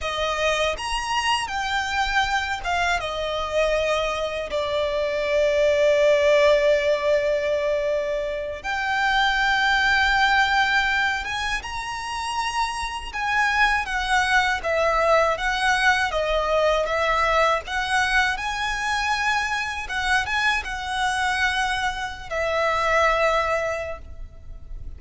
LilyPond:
\new Staff \with { instrumentName = "violin" } { \time 4/4 \tempo 4 = 80 dis''4 ais''4 g''4. f''8 | dis''2 d''2~ | d''2.~ d''8 g''8~ | g''2. gis''8 ais''8~ |
ais''4. gis''4 fis''4 e''8~ | e''8 fis''4 dis''4 e''4 fis''8~ | fis''8 gis''2 fis''8 gis''8 fis''8~ | fis''4.~ fis''16 e''2~ e''16 | }